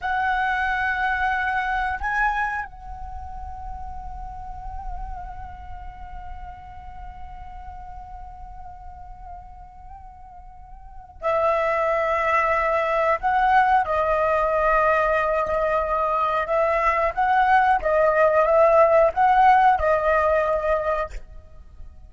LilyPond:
\new Staff \with { instrumentName = "flute" } { \time 4/4 \tempo 4 = 91 fis''2. gis''4 | fis''1~ | fis''1~ | fis''1~ |
fis''4 e''2. | fis''4 dis''2.~ | dis''4 e''4 fis''4 dis''4 | e''4 fis''4 dis''2 | }